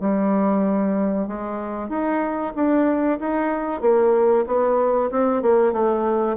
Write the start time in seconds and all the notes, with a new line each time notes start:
0.00 G3
1.27 G#3
1.89 D#4
2.55 D4
3.19 D#4
3.81 A#3
4.46 B3
5.11 C4
5.42 A#3
5.72 A3